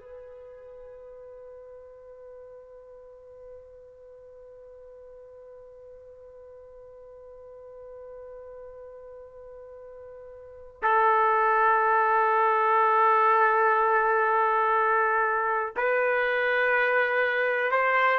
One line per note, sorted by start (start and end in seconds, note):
0.00 10.82 B4
10.82 15.74 A4
15.76 17.71 B4
17.71 18.19 C5